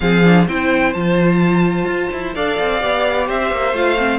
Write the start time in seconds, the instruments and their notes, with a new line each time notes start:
0.00 cello F3, viola C4, violin G#4 F5
0.23 viola D4
0.47 cello C4, viola E4, violin C5 G5
0.93 cello F3, viola F4, violin A5
1.86 cello F4
2.12 cello E4
2.35 cello D4, viola A4, violin D5 F5
2.60 cello C4
2.80 cello B3, viola G4
3.27 cello C4, violin C5 E5
3.51 cello A#3
3.72 cello A3, viola F4, violin F5
3.97 viola C4